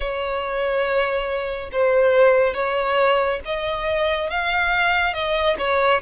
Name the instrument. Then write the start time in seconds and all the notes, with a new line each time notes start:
violin
0.00 C#5
1.71 C5
2.54 C#5
3.45 D#5
4.30 F5
5.13 D#5
5.58 C#5